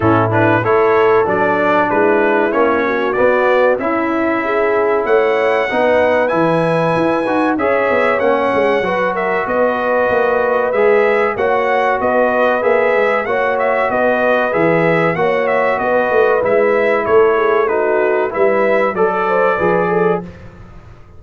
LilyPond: <<
  \new Staff \with { instrumentName = "trumpet" } { \time 4/4 \tempo 4 = 95 a'8 b'8 cis''4 d''4 b'4 | cis''4 d''4 e''2 | fis''2 gis''2 | e''4 fis''4. e''8 dis''4~ |
dis''4 e''4 fis''4 dis''4 | e''4 fis''8 e''8 dis''4 e''4 | fis''8 e''8 dis''4 e''4 cis''4 | b'4 e''4 d''2 | }
  \new Staff \with { instrumentName = "horn" } { \time 4/4 e'4 a'2 e'4~ | e'8 fis'4. e'4 gis'4 | cis''4 b'2. | cis''2 b'8 ais'8 b'4~ |
b'2 cis''4 b'4~ | b'4 cis''4 b'2 | cis''4 b'2 a'8 gis'8 | fis'4 b'4 a'8 c''8 b'8 a'8 | }
  \new Staff \with { instrumentName = "trombone" } { \time 4/4 cis'8 d'8 e'4 d'2 | cis'4 b4 e'2~ | e'4 dis'4 e'4. fis'8 | gis'4 cis'4 fis'2~ |
fis'4 gis'4 fis'2 | gis'4 fis'2 gis'4 | fis'2 e'2 | dis'4 e'4 a'4 gis'4 | }
  \new Staff \with { instrumentName = "tuba" } { \time 4/4 a,4 a4 fis4 gis4 | ais4 b4 cis'2 | a4 b4 e4 e'8 dis'8 | cis'8 b8 ais8 gis8 fis4 b4 |
ais4 gis4 ais4 b4 | ais8 gis8 ais4 b4 e4 | ais4 b8 a8 gis4 a4~ | a4 g4 fis4 f4 | }
>>